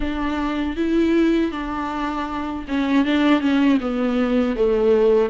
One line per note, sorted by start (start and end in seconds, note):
0.00 0.76 D4
0.76 1.51 E4
1.51 2.65 D4
2.68 3.05 C#4
3.05 3.40 D4
3.40 3.78 C#4
3.80 4.56 B3
4.56 5.29 A3